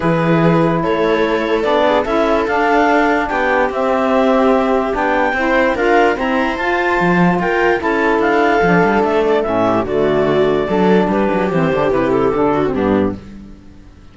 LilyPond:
<<
  \new Staff \with { instrumentName = "clarinet" } { \time 4/4 \tempo 4 = 146 b'2 cis''2 | d''4 e''4 f''2 | g''4 e''2. | g''2 f''4 ais''4 |
a''2 g''4 a''4 | f''2 e''8 d''8 e''4 | d''2. b'4 | c''4 b'8 a'4. g'4 | }
  \new Staff \with { instrumentName = "viola" } { \time 4/4 gis'2 a'2~ | a'8 gis'8 a'2. | g'1~ | g'4 c''4 ais'4 c''4~ |
c''2 ais'4 a'4~ | a'2.~ a'8 g'8 | fis'2 a'4 g'4~ | g'2~ g'8 fis'8 d'4 | }
  \new Staff \with { instrumentName = "saxophone" } { \time 4/4 e'1 | d'4 e'4 d'2~ | d'4 c'2. | d'4 e'4 f'4 c'4 |
f'2. e'4~ | e'4 d'2 cis'4 | a2 d'2 | c'8 d'8 e'4 d'8. c'16 b4 | }
  \new Staff \with { instrumentName = "cello" } { \time 4/4 e2 a2 | b4 cis'4 d'2 | b4 c'2. | b4 c'4 d'4 e'4 |
f'4 f4 f'4 cis'4 | d'4 f8 g8 a4 a,4 | d2 fis4 g8 fis8 | e8 d8 c4 d4 g,4 | }
>>